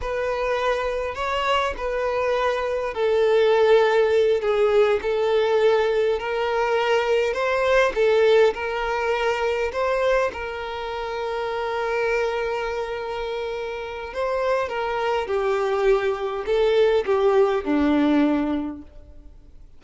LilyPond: \new Staff \with { instrumentName = "violin" } { \time 4/4 \tempo 4 = 102 b'2 cis''4 b'4~ | b'4 a'2~ a'8 gis'8~ | gis'8 a'2 ais'4.~ | ais'8 c''4 a'4 ais'4.~ |
ais'8 c''4 ais'2~ ais'8~ | ais'1 | c''4 ais'4 g'2 | a'4 g'4 d'2 | }